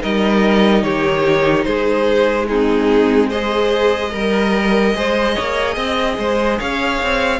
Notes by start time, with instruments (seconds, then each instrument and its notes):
0.00 cello G3, viola D#4, violin A#4 D#5
0.83 cello D#3, violin G4 C#5
1.64 cello G#3, violin G#4 C5
2.48 viola C4, violin D#4 G#4
3.29 viola G#4, violin C5 D#5
4.11 cello G3, viola A#4, violin A#4
4.95 cello G#3, viola G#4, violin C5
5.35 cello A#3, violin C#5
5.74 cello C4, violin D#5
6.18 cello G#3, violin C5
6.59 cello C#4, violin C#5 F5
7.03 cello C4